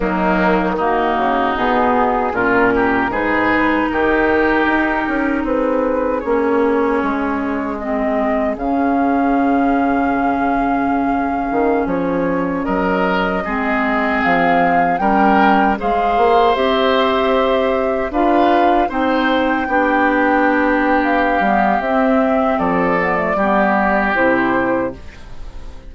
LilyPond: <<
  \new Staff \with { instrumentName = "flute" } { \time 4/4 \tempo 4 = 77 dis'4 fis'4 gis'4 ais'4 | b'4 ais'2 b'4 | cis''2 dis''4 f''4~ | f''2.~ f''16 cis''8.~ |
cis''16 dis''2 f''4 g''8.~ | g''16 f''4 e''2 f''8.~ | f''16 g''2~ g''8. f''4 | e''4 d''2 c''4 | }
  \new Staff \with { instrumentName = "oboe" } { \time 4/4 ais4 dis'2 f'8 g'8 | gis'4 g'2 gis'4~ | gis'1~ | gis'1~ |
gis'16 ais'4 gis'2 ais'8.~ | ais'16 c''2. b'8.~ | b'16 c''4 g'2~ g'8.~ | g'4 a'4 g'2 | }
  \new Staff \with { instrumentName = "clarinet" } { \time 4/4 fis4 ais4 b4 cis'4 | dis'1 | cis'2 c'4 cis'4~ | cis'1~ |
cis'4~ cis'16 c'2 cis'8.~ | cis'16 gis'4 g'2 f'8.~ | f'16 dis'4 d'2~ d'16 b8 | c'4. b16 a16 b4 e'4 | }
  \new Staff \with { instrumentName = "bassoon" } { \time 4/4 dis4. cis8 b,4 ais,4 | gis,4 dis4 dis'8 cis'8 c'4 | ais4 gis2 cis4~ | cis2~ cis8. dis8 f8.~ |
f16 fis4 gis4 f4 g8.~ | g16 gis8 ais8 c'2 d'8.~ | d'16 c'4 b2~ b16 g8 | c'4 f4 g4 c4 | }
>>